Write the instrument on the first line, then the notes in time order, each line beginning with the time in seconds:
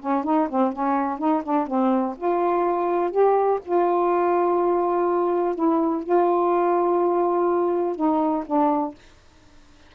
saxophone
0.00 C#4
0.24 D#4
0.50 C4
0.73 C#4
1.19 D#4
1.44 D4
1.67 C4
2.17 F4
3.11 G4
3.65 F4
5.55 E4
6.04 F4
7.96 D#4
8.47 D4